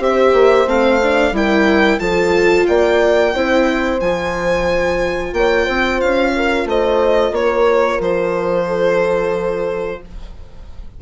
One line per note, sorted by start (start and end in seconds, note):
0.00 0.33 C4
0.00 0.67 G4
0.00 1.33 C5
0.00 0.69 E5
0.33 0.67 A#3
0.67 1.32 A3
0.67 1.00 C4
0.67 1.36 F5
1.03 1.34 D4
1.32 1.99 G3
1.32 2.00 E4
1.32 2.01 A#4
1.32 2.00 G5
2.00 2.66 F3
2.00 3.34 F4
2.00 2.68 A4
2.00 2.67 A5
2.67 3.35 A#3
2.67 3.35 D5
2.67 4.00 G5
3.35 4.01 C4
3.35 4.02 E4
3.35 5.35 C5
4.01 5.33 F3
4.01 10.02 F4
4.01 5.34 G#5
5.33 5.67 A#3
5.33 5.66 C#5
5.33 6.01 G5
5.66 6.02 C4
5.66 6.32 C5
6.01 6.66 C#4
6.01 6.68 F5
6.36 6.68 A#4
6.66 7.32 A3
6.66 7.34 C5
6.66 7.35 D#5
7.32 7.99 A#3
7.32 8.67 A#4
7.32 8.02 C#5
8.00 10.00 F3
8.00 10.02 C5
8.67 10.01 A4